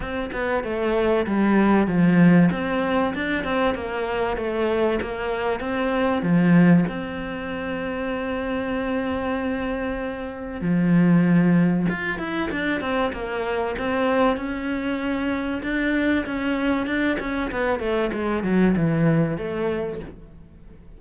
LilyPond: \new Staff \with { instrumentName = "cello" } { \time 4/4 \tempo 4 = 96 c'8 b8 a4 g4 f4 | c'4 d'8 c'8 ais4 a4 | ais4 c'4 f4 c'4~ | c'1~ |
c'4 f2 f'8 e'8 | d'8 c'8 ais4 c'4 cis'4~ | cis'4 d'4 cis'4 d'8 cis'8 | b8 a8 gis8 fis8 e4 a4 | }